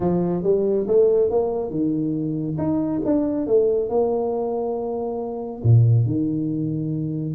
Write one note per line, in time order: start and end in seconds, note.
0.00 0.43 F3
0.43 0.86 G3
0.87 1.30 A3
1.30 1.70 A#3
1.70 2.56 D#3
2.58 3.01 D#4
3.05 3.46 D4
3.46 3.89 A3
3.89 5.61 A#3
5.63 6.05 A#2
6.05 7.34 D#3